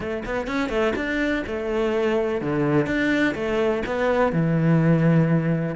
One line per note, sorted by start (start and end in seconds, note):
0.00 0.23 A3
0.25 0.47 B3
0.47 0.69 C#4
0.69 0.93 A3
0.95 1.43 D4
1.46 2.41 A3
2.41 2.86 D3
2.86 3.34 D4
3.34 3.82 A3
3.86 4.32 B3
4.32 5.75 E3